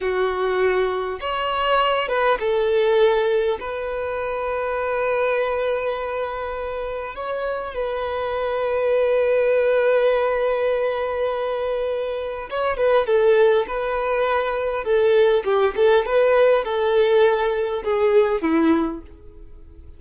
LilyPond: \new Staff \with { instrumentName = "violin" } { \time 4/4 \tempo 4 = 101 fis'2 cis''4. b'8 | a'2 b'2~ | b'1 | cis''4 b'2.~ |
b'1~ | b'4 cis''8 b'8 a'4 b'4~ | b'4 a'4 g'8 a'8 b'4 | a'2 gis'4 e'4 | }